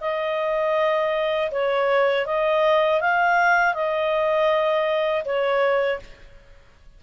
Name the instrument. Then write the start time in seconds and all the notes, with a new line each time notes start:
clarinet
0.00 D#5
1.51 C#5
2.26 D#5
3.00 F5
3.74 D#5
5.24 C#5